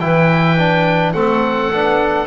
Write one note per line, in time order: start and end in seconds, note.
0.00 1.14 E3
0.00 0.58 E4
0.00 1.14 B4
0.00 1.13 G5
0.58 1.15 D4
1.13 1.72 A3
1.13 1.73 C4
1.13 2.27 A4
1.13 2.27 F#5
1.72 2.27 B3
1.72 2.27 D4